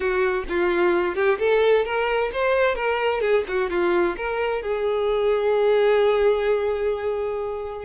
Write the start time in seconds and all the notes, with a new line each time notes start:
0.00 F#4
0.48 F4
1.15 G4
1.38 A4
1.85 A#4
2.32 C5
2.75 A#4
3.21 G#4
3.47 F#4
3.70 F4
4.16 A#4
4.62 G#4